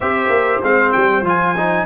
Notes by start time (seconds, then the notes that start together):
0.00 C4 G4 C5 E5
0.29 A#3
0.62 G#3 C4 F5
0.92 G3 G5
1.22 F3 F4 G#5
1.57 D#4